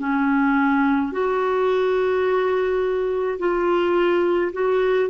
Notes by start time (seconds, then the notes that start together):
0.00 C#4
1.12 F#4
3.39 F4
4.53 F#4